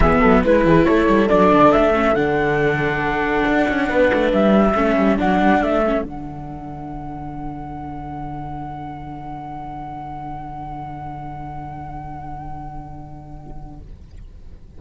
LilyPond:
<<
  \new Staff \with { instrumentName = "flute" } { \time 4/4 \tempo 4 = 139 e''4 b'4 cis''4 d''4 | e''4 fis''2.~ | fis''2 e''2 | fis''4 e''4 fis''2~ |
fis''1~ | fis''1~ | fis''1~ | fis''1 | }
  \new Staff \with { instrumentName = "horn" } { \time 4/4 gis'8 a'8 b'8 gis'8 a'2~ | a'1~ | a'4 b'2 a'4~ | a'1~ |
a'1~ | a'1~ | a'1~ | a'1 | }
  \new Staff \with { instrumentName = "viola" } { \time 4/4 b4 e'2 d'4~ | d'8 cis'8 d'2.~ | d'2. cis'4 | d'4. cis'8 d'2~ |
d'1~ | d'1~ | d'1~ | d'1 | }
  \new Staff \with { instrumentName = "cello" } { \time 4/4 e8 fis8 gis8 e8 a8 g8 fis8 d8 | a4 d2. | d'8 cis'8 b8 a8 g4 a8 g8 | fis8 g8 a4 d2~ |
d1~ | d1~ | d1~ | d1 | }
>>